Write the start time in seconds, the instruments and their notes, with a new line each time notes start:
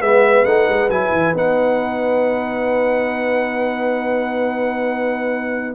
0.00 tuba G#3, trombone B3, horn B4, trumpet E5
0.45 tuba A3, trombone D#4, trumpet F#5
0.68 tuba G#3
0.89 tuba F#3, trombone E4, trumpet G#5
1.11 tuba E3
1.34 tuba B3, trombone D#4, trumpet F#5